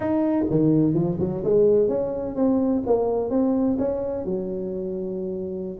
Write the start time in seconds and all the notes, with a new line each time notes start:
0.00 D#4
0.50 D#3
0.94 F3
1.19 F#3
1.43 G#3
1.88 C#4
2.35 C4
2.86 A#3
3.30 C4
3.78 C#4
4.25 F#3